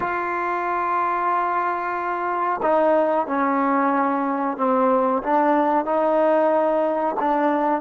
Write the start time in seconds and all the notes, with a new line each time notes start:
0.00 F4
2.62 D#4
3.26 C#4
4.57 C4
5.23 D4
5.85 D#4
7.19 D4